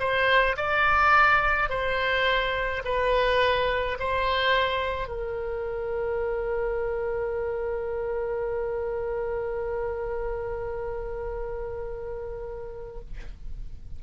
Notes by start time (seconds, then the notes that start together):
0.00 C5
0.57 D5
1.70 C5
2.85 B4
4.00 C5
5.08 A#4